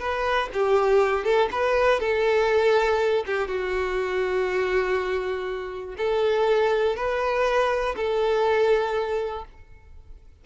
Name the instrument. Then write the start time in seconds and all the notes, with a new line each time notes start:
violin
0.00 B4
0.53 G4
1.25 A4
1.52 B4
2.00 A4
3.27 G4
3.48 F#4
5.98 A4
6.96 B4
7.97 A4